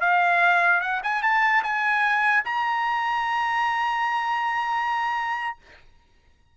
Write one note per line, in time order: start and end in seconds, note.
0.00 0.81 F5
0.81 1.01 F#5
1.03 1.22 G#5
1.22 1.62 A5
1.63 2.43 G#5
2.45 5.57 A#5